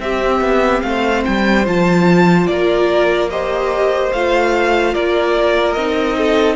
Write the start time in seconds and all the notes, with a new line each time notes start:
0.00 C4 G4 E5
0.41 B3
0.83 A3 C5 F5
1.25 G3 G5
1.66 F3 F4 A5
2.47 A#3 A#4 D5
3.30 G4 C5 D#5
4.13 A3 F4 F5
4.94 A#3 A#4 D5
5.73 C4 D#4 D#5
6.18 A4